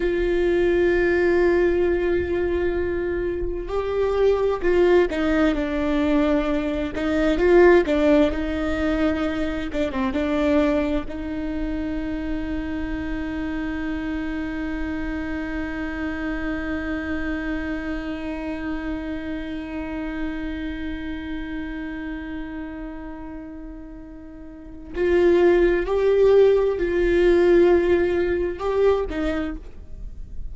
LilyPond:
\new Staff \with { instrumentName = "viola" } { \time 4/4 \tempo 4 = 65 f'1 | g'4 f'8 dis'8 d'4. dis'8 | f'8 d'8 dis'4. d'16 c'16 d'4 | dis'1~ |
dis'1~ | dis'1~ | dis'2. f'4 | g'4 f'2 g'8 dis'8 | }